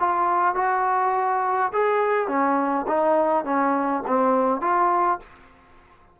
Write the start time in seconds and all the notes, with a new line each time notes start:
0.00 F4
0.55 F#4
1.73 G#4
2.28 C#4
2.87 D#4
3.45 C#4
4.07 C4
4.61 F4